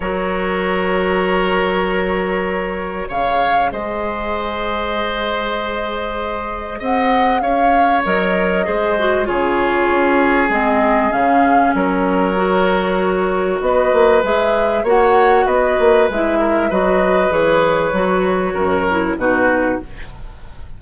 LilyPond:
<<
  \new Staff \with { instrumentName = "flute" } { \time 4/4 \tempo 4 = 97 cis''1~ | cis''4 f''4 dis''2~ | dis''2. fis''4 | f''4 dis''2 cis''4~ |
cis''4 dis''4 f''4 cis''4~ | cis''2 dis''4 e''4 | fis''4 dis''4 e''4 dis''4 | cis''2. b'4 | }
  \new Staff \with { instrumentName = "oboe" } { \time 4/4 ais'1~ | ais'4 cis''4 c''2~ | c''2. dis''4 | cis''2 c''4 gis'4~ |
gis'2. ais'4~ | ais'2 b'2 | cis''4 b'4. ais'8 b'4~ | b'2 ais'4 fis'4 | }
  \new Staff \with { instrumentName = "clarinet" } { \time 4/4 fis'1~ | fis'4 gis'2.~ | gis'1~ | gis'4 ais'4 gis'8 fis'8 f'4~ |
f'4 c'4 cis'2 | fis'2. gis'4 | fis'2 e'4 fis'4 | gis'4 fis'4. e'8 dis'4 | }
  \new Staff \with { instrumentName = "bassoon" } { \time 4/4 fis1~ | fis4 cis4 gis2~ | gis2. c'4 | cis'4 fis4 gis4 cis4 |
cis'4 gis4 cis4 fis4~ | fis2 b8 ais8 gis4 | ais4 b8 ais8 gis4 fis4 | e4 fis4 fis,4 b,4 | }
>>